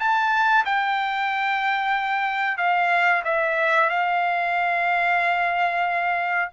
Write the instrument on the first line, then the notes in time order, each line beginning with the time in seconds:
trumpet
0.00 A5
0.66 G5
2.58 F5
3.25 E5
3.90 F5